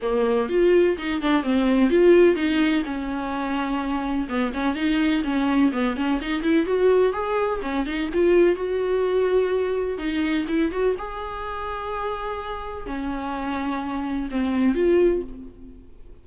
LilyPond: \new Staff \with { instrumentName = "viola" } { \time 4/4 \tempo 4 = 126 ais4 f'4 dis'8 d'8 c'4 | f'4 dis'4 cis'2~ | cis'4 b8 cis'8 dis'4 cis'4 | b8 cis'8 dis'8 e'8 fis'4 gis'4 |
cis'8 dis'8 f'4 fis'2~ | fis'4 dis'4 e'8 fis'8 gis'4~ | gis'2. cis'4~ | cis'2 c'4 f'4 | }